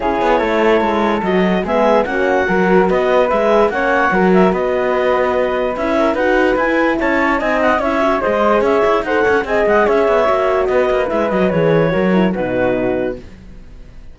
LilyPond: <<
  \new Staff \with { instrumentName = "clarinet" } { \time 4/4 \tempo 4 = 146 cis''2. dis''4 | e''4 fis''2 dis''4 | e''4 fis''4. e''8 dis''4~ | dis''2 e''4 fis''4 |
gis''4 a''4 gis''8 fis''8 e''4 | dis''4 e''4 fis''4 gis''8 fis''8 | e''2 dis''4 e''8 dis''8 | cis''2 b'2 | }
  \new Staff \with { instrumentName = "flute" } { \time 4/4 gis'4 a'2. | gis'4 fis'4 ais'4 b'4~ | b'4 cis''4 ais'4 b'4~ | b'2~ b'8 ais'8 b'4~ |
b'4 cis''4 dis''4 cis''4 | c''4 cis''4 c''8 cis''8 dis''4 | cis''2 b'2~ | b'4 ais'4 fis'2 | }
  \new Staff \with { instrumentName = "horn" } { \time 4/4 e'2. fis'4 | b4 cis'4 fis'2 | gis'4 cis'4 fis'2~ | fis'2 e'4 fis'4 |
e'2 dis'4 e'8 fis'8 | gis'2 a'4 gis'4~ | gis'4 fis'2 e'8 fis'8 | gis'4 fis'8 e'8 dis'2 | }
  \new Staff \with { instrumentName = "cello" } { \time 4/4 cis'8 b8 a4 gis4 fis4 | gis4 ais4 fis4 b4 | gis4 ais4 fis4 b4~ | b2 cis'4 dis'4 |
e'4 cis'4 c'4 cis'4 | gis4 cis'8 e'8 dis'8 cis'8 c'8 gis8 | cis'8 b8 ais4 b8 ais8 gis8 fis8 | e4 fis4 b,2 | }
>>